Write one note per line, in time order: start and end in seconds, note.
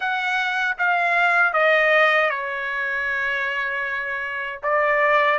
0.00 0.76 F#5
0.77 1.53 F5
1.53 2.30 D#5
2.30 4.60 C#5
4.63 5.38 D5